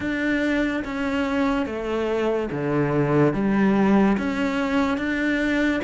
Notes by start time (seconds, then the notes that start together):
0.00 D4
0.84 C#4
1.66 A3
2.51 D3
3.33 G3
4.17 C#4
4.97 D4